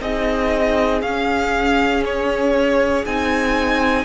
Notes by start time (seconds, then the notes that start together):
0.00 C4 D#4 G#4 D#5
1.01 C#4 F5
2.05 C#5
3.05 C4 D#4 G#5